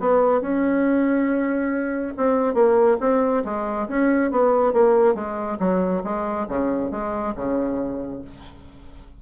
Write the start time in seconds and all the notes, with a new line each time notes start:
0.00 B3
0.41 C#4
2.17 C4
2.54 A#3
3.01 C4
3.45 G#3
3.88 C#4
4.31 B3
4.73 A#3
5.15 G#3
5.60 F#3
6.04 G#3
6.48 C#3
6.91 G#3
7.36 C#3